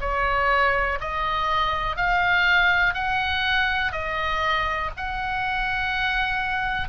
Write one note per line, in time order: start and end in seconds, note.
0.00 0.98 C#5
1.00 1.96 D#5
1.96 2.94 F5
2.94 3.92 F#5
3.92 4.90 D#5
4.96 6.88 F#5